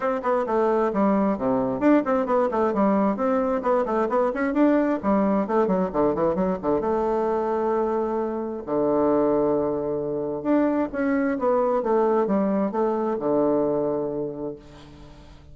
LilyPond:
\new Staff \with { instrumentName = "bassoon" } { \time 4/4 \tempo 4 = 132 c'8 b8 a4 g4 c4 | d'8 c'8 b8 a8 g4 c'4 | b8 a8 b8 cis'8 d'4 g4 | a8 fis8 d8 e8 fis8 d8 a4~ |
a2. d4~ | d2. d'4 | cis'4 b4 a4 g4 | a4 d2. | }